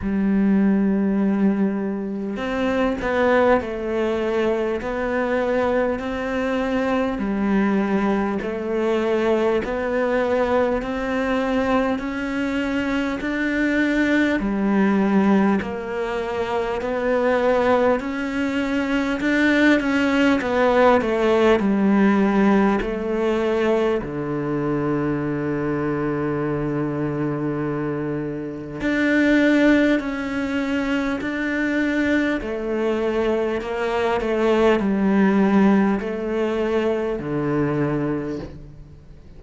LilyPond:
\new Staff \with { instrumentName = "cello" } { \time 4/4 \tempo 4 = 50 g2 c'8 b8 a4 | b4 c'4 g4 a4 | b4 c'4 cis'4 d'4 | g4 ais4 b4 cis'4 |
d'8 cis'8 b8 a8 g4 a4 | d1 | d'4 cis'4 d'4 a4 | ais8 a8 g4 a4 d4 | }